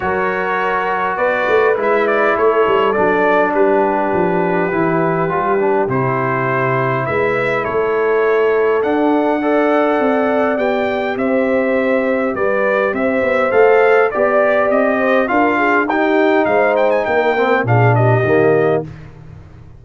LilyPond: <<
  \new Staff \with { instrumentName = "trumpet" } { \time 4/4 \tempo 4 = 102 cis''2 d''4 e''8 d''8 | cis''4 d''4 b'2~ | b'2 c''2 | e''4 cis''2 fis''4~ |
fis''2 g''4 e''4~ | e''4 d''4 e''4 f''4 | d''4 dis''4 f''4 g''4 | f''8 g''16 gis''16 g''4 f''8 dis''4. | }
  \new Staff \with { instrumentName = "horn" } { \time 4/4 ais'2 b'2 | a'2 g'2~ | g'1 | b'4 a'2. |
d''2. c''4~ | c''4 b'4 c''2 | d''4. c''8 ais'8 gis'8 g'4 | c''4 ais'4 gis'8 g'4. | }
  \new Staff \with { instrumentName = "trombone" } { \time 4/4 fis'2. e'4~ | e'4 d'2. | e'4 f'8 d'8 e'2~ | e'2. d'4 |
a'2 g'2~ | g'2. a'4 | g'2 f'4 dis'4~ | dis'4. c'8 d'4 ais4 | }
  \new Staff \with { instrumentName = "tuba" } { \time 4/4 fis2 b8 a8 gis4 | a8 g8 fis4 g4 f4 | e4 g4 c2 | gis4 a2 d'4~ |
d'4 c'4 b4 c'4~ | c'4 g4 c'8 b8 a4 | b4 c'4 d'4 dis'4 | gis4 ais4 ais,4 dis4 | }
>>